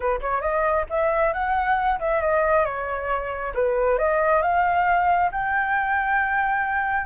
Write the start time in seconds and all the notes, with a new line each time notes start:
0.00 B4
0.20 C#5
0.41 D#5
0.89 E5
1.33 F#5
1.99 E5
2.21 D#5
2.65 C#5
3.54 B4
3.98 D#5
4.42 F5
5.31 G5